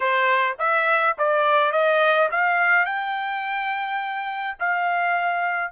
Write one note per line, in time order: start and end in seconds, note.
0.00 0.56 C5
0.59 1.16 E5
1.17 1.72 D5
1.72 2.29 D#5
2.31 2.85 F5
2.85 4.57 G5
4.59 5.72 F5